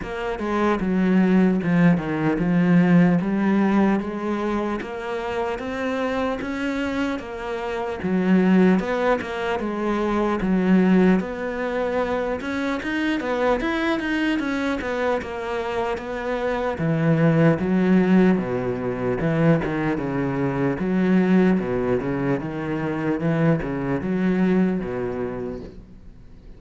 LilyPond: \new Staff \with { instrumentName = "cello" } { \time 4/4 \tempo 4 = 75 ais8 gis8 fis4 f8 dis8 f4 | g4 gis4 ais4 c'4 | cis'4 ais4 fis4 b8 ais8 | gis4 fis4 b4. cis'8 |
dis'8 b8 e'8 dis'8 cis'8 b8 ais4 | b4 e4 fis4 b,4 | e8 dis8 cis4 fis4 b,8 cis8 | dis4 e8 cis8 fis4 b,4 | }